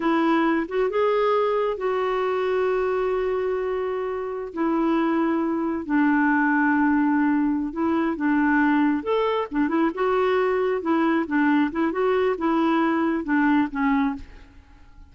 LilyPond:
\new Staff \with { instrumentName = "clarinet" } { \time 4/4 \tempo 4 = 136 e'4. fis'8 gis'2 | fis'1~ | fis'2~ fis'16 e'4.~ e'16~ | e'4~ e'16 d'2~ d'8.~ |
d'4. e'4 d'4.~ | d'8 a'4 d'8 e'8 fis'4.~ | fis'8 e'4 d'4 e'8 fis'4 | e'2 d'4 cis'4 | }